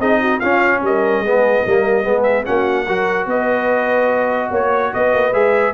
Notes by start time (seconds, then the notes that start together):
0.00 C4 D#4 G#4 D#5
0.21 F#4
0.39 C#4 F4 F5
0.83 G3 A#4 D#5
1.20 G#3 B3 G#4
1.64 G3 A#3 A#4
2.04 G#3 B3 G#4
2.23 E5
2.45 A#3 C#4 F#4 F#5
2.86 F#3 F#4 A#4
3.27 B3 B4 D#5
4.50 A#3 C#5
4.94 B3 B4 D#5
5.14 A#3
5.33 G#3 G#4 E5